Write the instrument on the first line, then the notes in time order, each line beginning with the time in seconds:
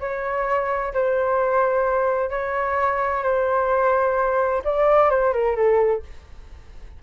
flute
0.00 C#5
0.93 C5
2.30 C#5
3.23 C5
4.64 D5
5.10 C5
5.33 A#4
5.56 A4